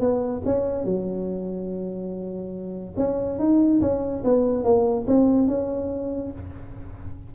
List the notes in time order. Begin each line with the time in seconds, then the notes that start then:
0.00 B3
0.45 C#4
0.84 F#3
2.97 C#4
3.39 D#4
3.81 C#4
4.24 B3
4.64 A#3
5.07 C4
5.47 C#4